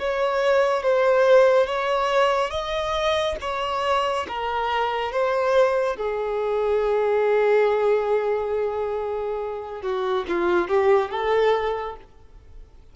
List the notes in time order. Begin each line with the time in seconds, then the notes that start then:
0.00 C#5
0.83 C5
1.67 C#5
2.51 D#5
3.41 C#5
4.29 A#4
5.12 C5
5.97 G#4
9.83 F#4
10.29 F4
10.68 G4
11.11 A4